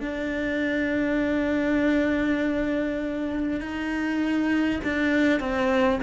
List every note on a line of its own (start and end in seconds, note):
0.00 3.60 D4
3.60 4.80 D#4
4.84 5.39 D4
5.39 5.99 C4